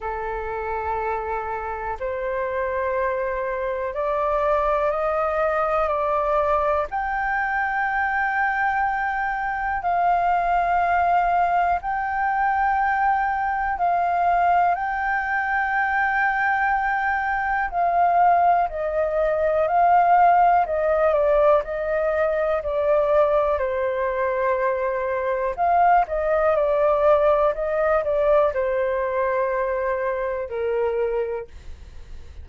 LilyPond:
\new Staff \with { instrumentName = "flute" } { \time 4/4 \tempo 4 = 61 a'2 c''2 | d''4 dis''4 d''4 g''4~ | g''2 f''2 | g''2 f''4 g''4~ |
g''2 f''4 dis''4 | f''4 dis''8 d''8 dis''4 d''4 | c''2 f''8 dis''8 d''4 | dis''8 d''8 c''2 ais'4 | }